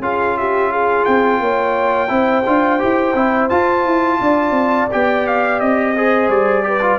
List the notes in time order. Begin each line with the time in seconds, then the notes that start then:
0.00 C#4 F4 G#4 F5
0.38 G4 E5
0.71 G#4 F5
1.05 C4 G5
1.40 A#3 C#5
2.09 C4 E4 C5
2.46 D4 F4
2.80 E4 G4
3.15 C4 E4
3.50 F4 A5
3.85 E4
4.21 D4 D5
4.51 C4
4.92 B3 G4 G5
5.27 F5
5.60 C4 D#5
5.97 G#4 C5
6.29 G3 D5
6.64 G4 B4
6.82 F4